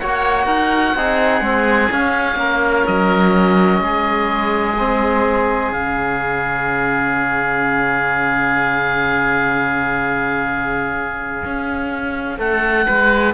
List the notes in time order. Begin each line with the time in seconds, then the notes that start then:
0.00 A#3 F#4 C#5 F#5
0.46 D#4 A#4
0.97 C4 D#4 G#4
1.41 G#3 C4
1.91 C#4 F5
2.37 A#3 A#4
2.87 F#3 D#5
3.81 G#3 G#4
4.79 C4
5.72 C#3 C#4 F5
11.45 C#4
12.38 A3 A4 F#5
12.87 G#3 B4